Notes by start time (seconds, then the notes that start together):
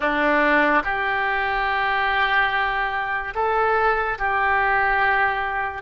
0.00 D4
0.84 G4
3.34 A4
4.18 G4